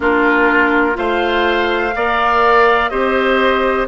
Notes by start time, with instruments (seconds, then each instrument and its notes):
0.00 bassoon A#3, clarinet D4, oboe F4, flute A#4
0.93 bassoon A3, clarinet F4, oboe C5, flute F5
1.95 bassoon A#3, clarinet A#4, oboe D5
2.89 bassoon C4, clarinet G4, oboe C5, flute D#5